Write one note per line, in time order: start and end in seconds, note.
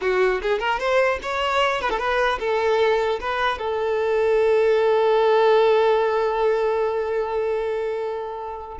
0.01 0.41 F#4
0.42 0.59 G#4
0.59 0.79 A#4
0.79 1.19 C5
1.22 1.81 C#5
1.81 1.89 B4
1.89 1.98 A4
1.98 2.38 B4
2.39 3.19 A4
3.20 3.58 B4
3.58 8.78 A4